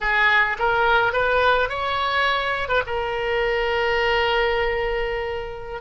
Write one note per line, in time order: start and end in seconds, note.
0.00 0.57 G#4
0.58 1.12 A#4
1.12 1.69 B4
1.69 2.68 C#5
2.68 2.82 B4
2.86 5.81 A#4